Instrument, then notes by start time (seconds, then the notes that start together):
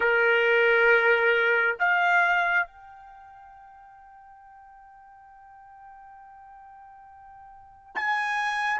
trumpet
0.00 A#4
1.79 F5
2.66 G5
7.95 G#5